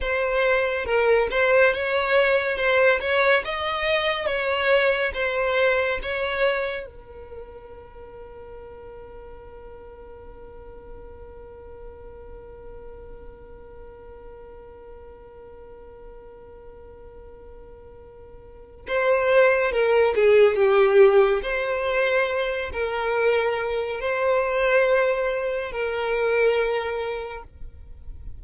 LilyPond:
\new Staff \with { instrumentName = "violin" } { \time 4/4 \tempo 4 = 70 c''4 ais'8 c''8 cis''4 c''8 cis''8 | dis''4 cis''4 c''4 cis''4 | ais'1~ | ais'1~ |
ais'1~ | ais'2 c''4 ais'8 gis'8 | g'4 c''4. ais'4. | c''2 ais'2 | }